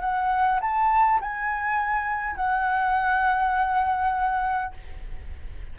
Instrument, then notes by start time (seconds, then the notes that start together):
flute
0.00 F#5
0.60 A5
1.20 G#5
2.35 F#5